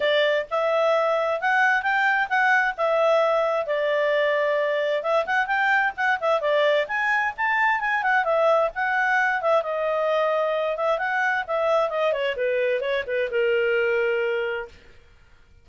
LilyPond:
\new Staff \with { instrumentName = "clarinet" } { \time 4/4 \tempo 4 = 131 d''4 e''2 fis''4 | g''4 fis''4 e''2 | d''2. e''8 fis''8 | g''4 fis''8 e''8 d''4 gis''4 |
a''4 gis''8 fis''8 e''4 fis''4~ | fis''8 e''8 dis''2~ dis''8 e''8 | fis''4 e''4 dis''8 cis''8 b'4 | cis''8 b'8 ais'2. | }